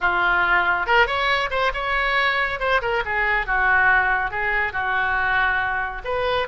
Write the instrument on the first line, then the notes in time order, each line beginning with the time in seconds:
oboe
0.00 F4
0.86 A#4
1.06 C#5
1.50 C5
1.73 C#5
2.59 C5
2.81 A#4
3.05 G#4
3.46 F#4
4.30 G#4
4.72 F#4
6.04 B4